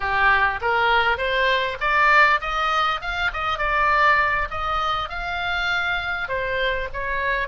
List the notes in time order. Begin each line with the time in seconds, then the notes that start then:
0.00 G4
0.61 A#4
1.17 C5
1.80 D5
2.40 D#5
3.01 F5
3.33 D#5
3.58 D5
4.50 D#5
5.09 F5
6.28 C5
6.93 C#5